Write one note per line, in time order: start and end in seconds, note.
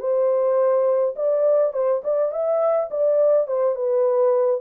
0.00 1.15 C5
1.16 1.73 D5
1.73 2.02 C5
2.04 2.32 D5
2.32 2.90 E5
2.91 3.48 D5
3.48 3.76 C5
3.76 4.61 B4